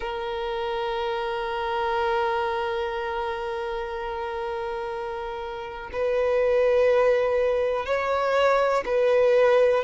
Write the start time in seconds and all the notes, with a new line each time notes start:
0.00 A#4
5.92 B4
7.85 C#5
8.85 B4